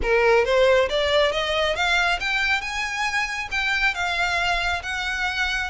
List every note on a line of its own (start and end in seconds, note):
0.02 0.44 A#4
0.44 0.88 C5
0.89 1.32 D5
1.32 1.75 D#5
1.75 2.19 F5
2.19 2.61 G5
2.61 3.48 G#5
3.51 3.94 G5
3.94 4.82 F5
4.82 5.70 F#5